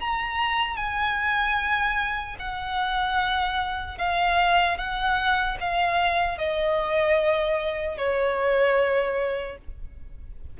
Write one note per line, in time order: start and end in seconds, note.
0.00 0.77 A#5
0.77 2.37 G#5
2.39 3.98 F#5
3.98 4.78 F5
4.78 5.58 F#5
5.60 6.38 F5
6.38 7.98 D#5
7.98 9.58 C#5